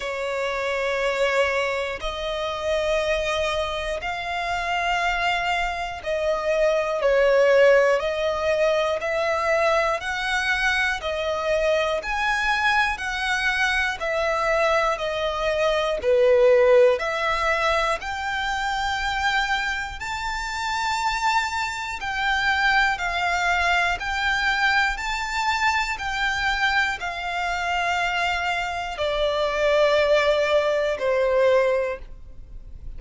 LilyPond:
\new Staff \with { instrumentName = "violin" } { \time 4/4 \tempo 4 = 60 cis''2 dis''2 | f''2 dis''4 cis''4 | dis''4 e''4 fis''4 dis''4 | gis''4 fis''4 e''4 dis''4 |
b'4 e''4 g''2 | a''2 g''4 f''4 | g''4 a''4 g''4 f''4~ | f''4 d''2 c''4 | }